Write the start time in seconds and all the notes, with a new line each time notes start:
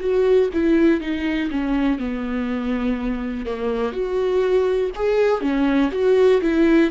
0.00 F#4
0.54 E4
1.00 D#4
1.50 C#4
1.99 B3
3.46 A#3
3.92 F#4
4.95 G#4
5.41 C#4
5.92 F#4
6.41 E4